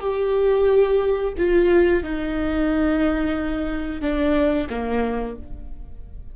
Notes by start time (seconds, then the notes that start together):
0.00 G4
1.38 F4
2.03 D#4
4.01 D4
4.69 A#3